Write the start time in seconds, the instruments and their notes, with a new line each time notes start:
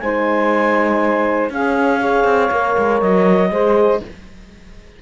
0.00 cello G#3, horn D#4, saxophone C5, clarinet G#5
1.50 cello C#4, horn C#4, saxophone G#4, clarinet F5
2.00 horn G#4, saxophone C#5
2.24 cello C4
2.51 cello A#3, horn A#4
2.78 cello G#3
3.01 cello F#3, clarinet D#5
3.51 cello G#3, horn G#4, saxophone C5